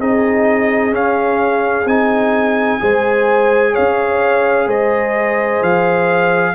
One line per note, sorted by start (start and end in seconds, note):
0.00 0.94 C4
0.00 0.92 D#4
0.00 2.81 G#4
0.00 0.95 D#5
0.92 1.86 C#4
0.92 1.88 F5
1.86 2.79 C4
1.86 2.80 D#4
1.86 3.75 G#5
2.80 3.76 G#3
2.80 6.55 G#4
2.80 3.73 C5
3.73 4.67 C#4
3.73 4.67 C#5
3.73 4.69 F5
4.67 5.61 G#3
4.67 6.55 C5
4.67 5.63 D#5
5.62 6.55 F3
5.62 6.55 F5